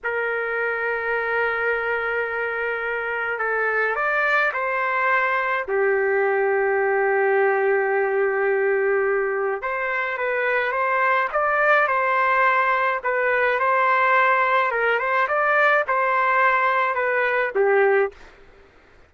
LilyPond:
\new Staff \with { instrumentName = "trumpet" } { \time 4/4 \tempo 4 = 106 ais'1~ | ais'2 a'4 d''4 | c''2 g'2~ | g'1~ |
g'4 c''4 b'4 c''4 | d''4 c''2 b'4 | c''2 ais'8 c''8 d''4 | c''2 b'4 g'4 | }